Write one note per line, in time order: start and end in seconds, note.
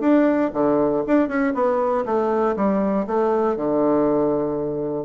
0.00 0.50 D4
0.53 1.04 D3
1.07 1.28 D4
1.28 1.53 C#4
1.54 2.04 B3
2.05 2.56 A3
2.56 3.06 G3
3.07 3.56 A3
3.56 5.05 D3